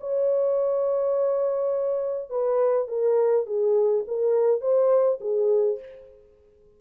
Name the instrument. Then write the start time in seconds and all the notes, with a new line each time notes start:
horn
0.00 C#5
2.30 B4
2.88 A#4
3.46 G#4
4.07 A#4
4.61 C5
5.21 G#4